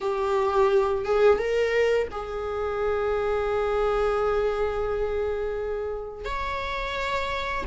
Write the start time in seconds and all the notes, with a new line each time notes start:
0.00 G4
1.05 G#4
1.38 A#4
2.11 G#4
6.24 C#5